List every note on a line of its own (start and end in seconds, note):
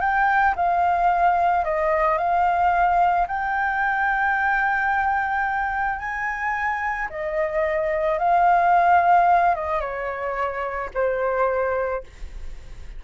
0.00 0.55 G5
0.56 1.65 F5
1.65 2.18 D#5
2.18 3.27 F5
3.27 5.99 G5
5.99 7.08 G#5
7.10 8.18 D#5
8.18 9.55 F5
9.55 9.81 D#5
9.81 10.90 C#5
10.94 12.03 C5